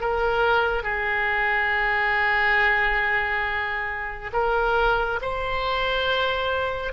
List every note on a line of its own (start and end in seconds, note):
0.00 0.83 A#4
0.83 4.31 G#4
4.32 5.19 A#4
5.21 6.92 C5